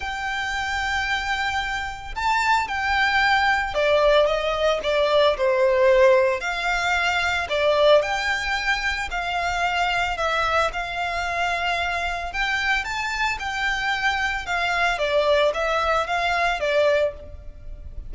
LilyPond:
\new Staff \with { instrumentName = "violin" } { \time 4/4 \tempo 4 = 112 g''1 | a''4 g''2 d''4 | dis''4 d''4 c''2 | f''2 d''4 g''4~ |
g''4 f''2 e''4 | f''2. g''4 | a''4 g''2 f''4 | d''4 e''4 f''4 d''4 | }